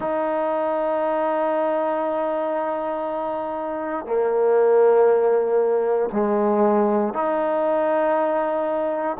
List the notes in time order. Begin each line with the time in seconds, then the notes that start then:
0.00 D#4
4.06 A#3
6.12 G#3
7.13 D#4